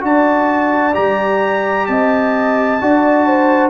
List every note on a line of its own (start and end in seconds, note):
0.00 0.94 D4
0.00 0.92 F#4
0.00 1.89 D5
0.00 0.95 A5
0.94 1.88 G3
0.94 2.78 G4
0.94 1.86 A#5
1.86 2.81 C4
1.86 2.82 D#5
1.86 3.70 A5
2.81 3.70 D4
2.81 3.70 F#4
2.81 3.27 D5
3.27 3.70 C5